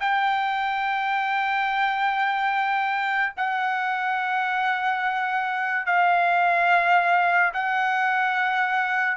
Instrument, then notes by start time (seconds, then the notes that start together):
trumpet
0.00 G5
3.37 F#5
5.86 F5
7.54 F#5